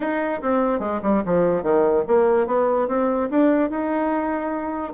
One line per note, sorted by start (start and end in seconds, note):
0.00 0.41 D#4
0.41 0.79 C4
0.79 1.00 G#3
1.02 1.23 G3
1.25 1.63 F3
1.63 2.04 D#3
2.07 2.46 A#3
2.46 2.87 B3
2.88 3.29 C4
3.30 3.70 D4
3.70 4.93 D#4